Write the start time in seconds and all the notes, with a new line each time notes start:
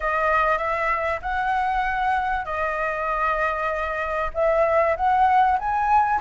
0.00 D#5
0.58 E5
1.22 F#5
2.45 D#5
4.34 E5
4.96 F#5
5.58 G#5